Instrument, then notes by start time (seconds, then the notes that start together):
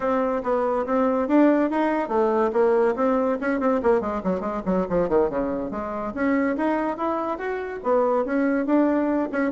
bassoon
0.00 C4
0.43 B3
0.85 C4
1.28 D4
1.70 D#4
2.08 A3
2.52 A#3
2.95 C4
3.41 C#4
3.59 C4
3.82 A#3
4.00 G#3
4.23 F#3
4.40 G#3
4.65 F#3
4.89 F3
5.09 D#3
5.29 C#3
5.71 G#3
6.14 C#4
6.56 D#4
6.97 E4
7.37 F#4
7.83 B3
8.25 C#4
8.65 D4
9.31 C#4